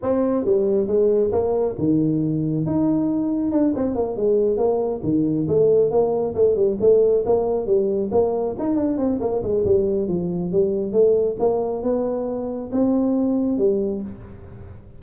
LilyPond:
\new Staff \with { instrumentName = "tuba" } { \time 4/4 \tempo 4 = 137 c'4 g4 gis4 ais4 | dis2 dis'2 | d'8 c'8 ais8 gis4 ais4 dis8~ | dis8 a4 ais4 a8 g8 a8~ |
a8 ais4 g4 ais4 dis'8 | d'8 c'8 ais8 gis8 g4 f4 | g4 a4 ais4 b4~ | b4 c'2 g4 | }